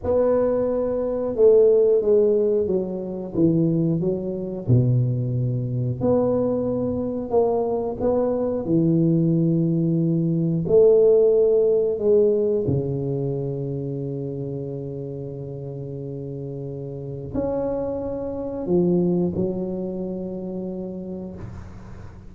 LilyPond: \new Staff \with { instrumentName = "tuba" } { \time 4/4 \tempo 4 = 90 b2 a4 gis4 | fis4 e4 fis4 b,4~ | b,4 b2 ais4 | b4 e2. |
a2 gis4 cis4~ | cis1~ | cis2 cis'2 | f4 fis2. | }